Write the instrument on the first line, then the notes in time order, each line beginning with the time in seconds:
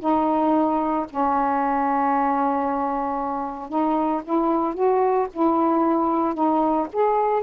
saxophone
0.00 D#4
1.10 C#4
3.69 D#4
4.24 E4
4.74 F#4
5.33 E4
6.34 D#4
6.93 G#4